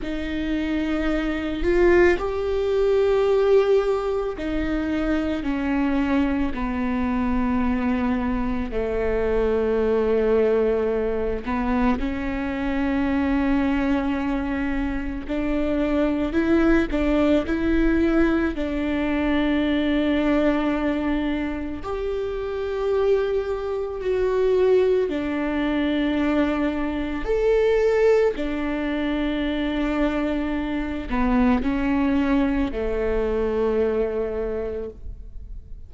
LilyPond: \new Staff \with { instrumentName = "viola" } { \time 4/4 \tempo 4 = 55 dis'4. f'8 g'2 | dis'4 cis'4 b2 | a2~ a8 b8 cis'4~ | cis'2 d'4 e'8 d'8 |
e'4 d'2. | g'2 fis'4 d'4~ | d'4 a'4 d'2~ | d'8 b8 cis'4 a2 | }